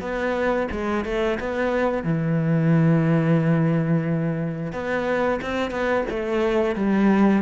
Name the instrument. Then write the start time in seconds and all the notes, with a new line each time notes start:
cello
0.00 B3
0.71 G#3
1.04 A3
1.39 B3
2.03 E3
4.72 B3
5.41 C4
5.71 B3
6.09 A3
6.75 G3